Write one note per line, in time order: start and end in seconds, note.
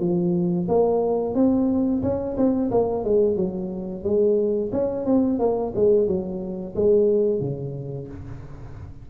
0.00 0.67 F3
0.68 1.35 A#3
1.35 2.02 C4
2.03 2.37 C#4
2.37 2.71 C4
2.71 3.05 A#3
3.05 3.37 G#3
3.37 4.04 F#3
4.04 4.71 G#3
4.72 5.06 C#4
5.06 5.39 C4
5.39 5.73 A#3
5.76 6.08 G#3
6.08 6.75 F#3
6.76 7.41 G#3
7.41 8.08 C#3